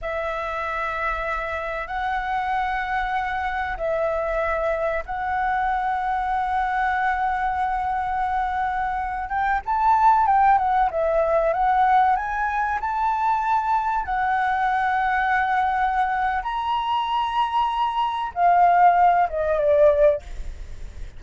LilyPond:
\new Staff \with { instrumentName = "flute" } { \time 4/4 \tempo 4 = 95 e''2. fis''4~ | fis''2 e''2 | fis''1~ | fis''2~ fis''8. g''8 a''8.~ |
a''16 g''8 fis''8 e''4 fis''4 gis''8.~ | gis''16 a''2 fis''4.~ fis''16~ | fis''2 ais''2~ | ais''4 f''4. dis''8 d''4 | }